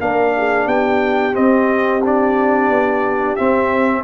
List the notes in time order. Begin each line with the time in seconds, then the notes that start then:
0.00 A#3 D4 A#4 F5
0.37 G#4
0.66 B3 G4 G5
1.33 C4 D#5
2.04 D4 D5
2.70 B3
3.36 C4 E5